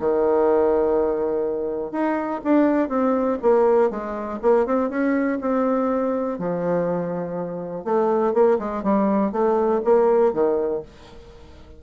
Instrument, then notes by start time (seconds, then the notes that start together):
bassoon
0.00 D#3
1.92 D#4
2.44 D4
2.89 C4
3.42 A#3
3.91 G#3
4.43 A#3
4.66 C4
4.90 C#4
5.41 C4
6.39 F3
7.85 A3
8.34 A#3
8.59 G#3
8.84 G3
9.32 A3
9.85 A#3
10.34 D#3